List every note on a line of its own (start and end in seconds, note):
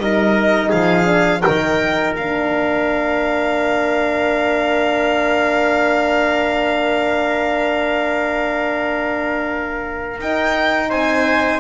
0.00 0.71 G3
0.00 1.05 D#4
0.00 0.69 A#4
0.00 0.71 D#5
0.69 1.44 F3
0.69 1.41 G#4
0.69 1.42 F5
1.05 1.41 D4
1.42 2.16 D#3
1.42 2.18 D#4
1.42 10.90 A#4
1.42 2.13 G5
2.16 10.19 A#3
2.16 10.22 D4
2.16 10.20 F5
10.19 10.90 D#4
10.19 11.61 D#4
10.19 10.91 G5
10.90 11.61 C4
10.90 11.61 C5
10.90 11.61 G#5